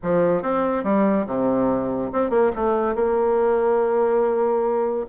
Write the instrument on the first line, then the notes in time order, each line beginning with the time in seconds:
bassoon
0.02 F3
0.42 C4
0.83 G3
1.26 C3
2.12 C4
2.30 A#3
2.55 A3
2.95 A#3